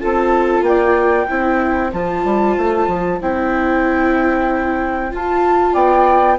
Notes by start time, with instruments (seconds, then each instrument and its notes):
0.00 bassoon C4, viola F4, saxophone A4, flute A5
0.62 bassoon A#3, saxophone D5, flute G5
1.27 bassoon C4, viola E4, saxophone C5
1.93 bassoon F3, viola F4, flute A5
2.24 bassoon G3
2.58 bassoon A3
2.87 bassoon F3
3.21 bassoon C4, viola E4, flute G5
5.11 viola F4, bassoon F4, flute A5
5.73 bassoon B3, saxophone D5, flute G5